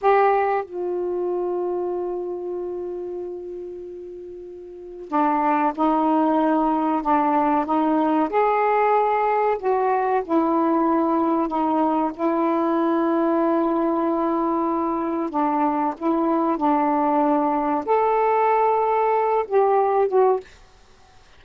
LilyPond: \new Staff \with { instrumentName = "saxophone" } { \time 4/4 \tempo 4 = 94 g'4 f'2.~ | f'1 | d'4 dis'2 d'4 | dis'4 gis'2 fis'4 |
e'2 dis'4 e'4~ | e'1 | d'4 e'4 d'2 | a'2~ a'8 g'4 fis'8 | }